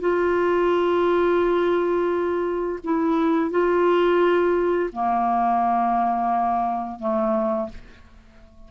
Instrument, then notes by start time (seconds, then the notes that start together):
clarinet
0.00 F4
2.83 E4
3.50 F4
4.92 A#3
6.99 A3